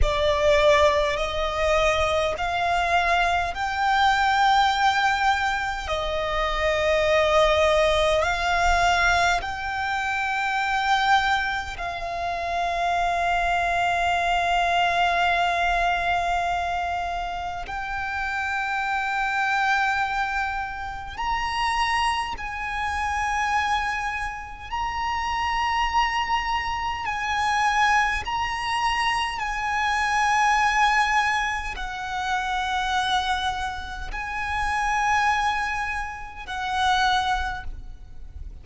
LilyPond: \new Staff \with { instrumentName = "violin" } { \time 4/4 \tempo 4 = 51 d''4 dis''4 f''4 g''4~ | g''4 dis''2 f''4 | g''2 f''2~ | f''2. g''4~ |
g''2 ais''4 gis''4~ | gis''4 ais''2 gis''4 | ais''4 gis''2 fis''4~ | fis''4 gis''2 fis''4 | }